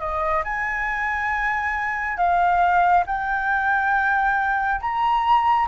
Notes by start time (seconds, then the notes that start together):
0.00 D#5
0.45 G#5
2.17 F5
3.07 G5
4.81 A#5